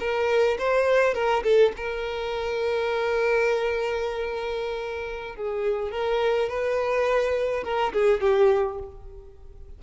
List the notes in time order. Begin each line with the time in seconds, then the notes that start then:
0.00 A#4
0.59 C5
1.14 A#4
1.44 A4
1.77 A#4
5.36 G#4
5.92 A#4
6.49 B4
7.64 A#4
7.93 G#4
8.21 G4